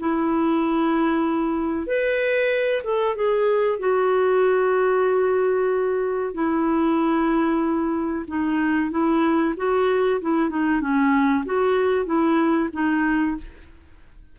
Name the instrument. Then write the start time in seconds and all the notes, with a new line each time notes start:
clarinet
0.00 E4
1.87 B4
2.84 A4
3.16 G#4
3.79 F#4
6.35 E4
8.28 D#4
8.91 E4
9.57 F#4
10.22 E4
10.50 D#4
10.81 C#4
11.46 F#4
12.06 E4
12.73 D#4